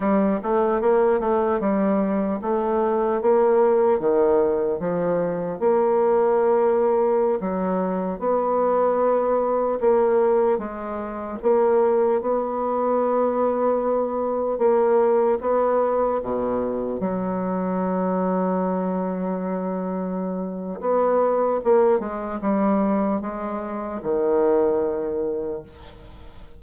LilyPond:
\new Staff \with { instrumentName = "bassoon" } { \time 4/4 \tempo 4 = 75 g8 a8 ais8 a8 g4 a4 | ais4 dis4 f4 ais4~ | ais4~ ais16 fis4 b4.~ b16~ | b16 ais4 gis4 ais4 b8.~ |
b2~ b16 ais4 b8.~ | b16 b,4 fis2~ fis8.~ | fis2 b4 ais8 gis8 | g4 gis4 dis2 | }